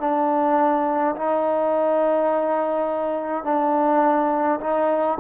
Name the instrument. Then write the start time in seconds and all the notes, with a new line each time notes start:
trombone
0.00 D4
1.16 D#4
3.45 D4
4.60 D#4